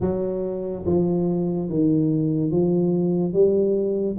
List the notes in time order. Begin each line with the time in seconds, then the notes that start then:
0.00 F#3
0.86 F3
1.69 D#3
2.51 F3
3.33 G3